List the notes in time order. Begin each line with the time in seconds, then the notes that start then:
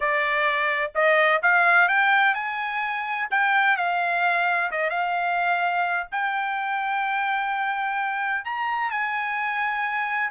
0.00 D5
0.94 D#5
1.42 F5
1.88 G5
2.34 G#5
3.30 G5
3.76 F5
4.71 D#5
4.89 F5
6.11 G5
8.45 A#5
8.90 G#5